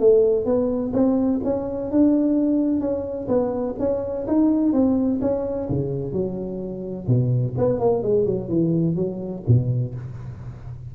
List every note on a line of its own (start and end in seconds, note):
0.00 0.45 A3
0.45 0.93 B3
0.94 1.41 C4
1.45 1.92 C#4
1.92 2.81 D4
2.81 3.28 C#4
3.28 3.75 B3
3.79 4.27 C#4
4.28 4.73 D#4
4.73 5.20 C4
5.21 5.69 C#4
5.70 6.13 C#3
6.13 7.07 F#3
7.08 7.55 B2
7.58 7.80 B3
7.80 8.03 A#3
8.03 8.26 G#3
8.26 8.49 F#3
8.49 8.96 E3
8.96 9.43 F#3
9.48 9.95 B2